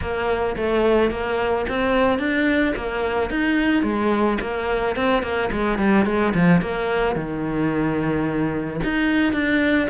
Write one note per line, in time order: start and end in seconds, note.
0.01 0.56 A#3
0.56 1.10 A3
1.10 1.65 A#3
1.69 2.19 C4
2.19 2.74 D4
2.75 3.30 A#3
3.30 3.83 D#4
3.83 4.38 G#3
4.40 4.95 A#3
4.95 5.22 C4
5.22 5.50 A#3
5.51 5.78 G#3
5.78 6.05 G3
6.05 6.33 G#3
6.34 6.61 F3
6.61 7.15 A#3
7.15 8.80 D#3
8.83 9.33 D#4
9.33 9.88 D4